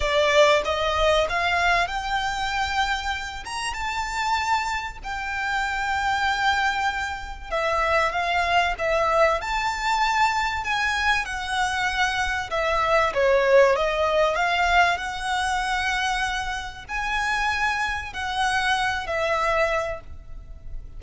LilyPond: \new Staff \with { instrumentName = "violin" } { \time 4/4 \tempo 4 = 96 d''4 dis''4 f''4 g''4~ | g''4. ais''8 a''2 | g''1 | e''4 f''4 e''4 a''4~ |
a''4 gis''4 fis''2 | e''4 cis''4 dis''4 f''4 | fis''2. gis''4~ | gis''4 fis''4. e''4. | }